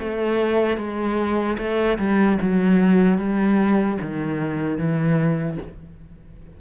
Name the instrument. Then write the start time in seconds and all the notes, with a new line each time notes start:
cello
0.00 A3
0.77 G#3
1.59 A3
1.99 G3
2.42 F#3
3.19 G3
4.02 D#3
4.78 E3